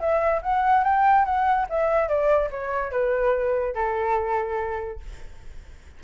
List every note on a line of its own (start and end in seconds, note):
0.00 0.42 E5
0.43 0.84 F#5
0.84 1.25 G5
1.25 1.67 F#5
1.70 2.09 E5
2.09 2.50 D5
2.51 2.92 C#5
2.92 3.75 B4
3.75 5.00 A4